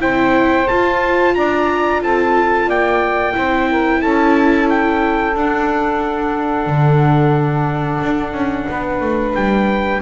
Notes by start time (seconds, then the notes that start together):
0.00 C4 E4 C5 G5
0.69 F4 A5
1.35 D4 D5 A#5
2.02 C4 A4 A5
2.67 A#3 D5 G5
3.33 C4 E4 C5
3.71 A#4
4.00 C#4 A4 A5
4.70 G5
5.35 D4 F#5
6.67 D3
8.02 D4
8.33 C#4
8.70 B3 B4
9.01 A3
9.35 G3 G5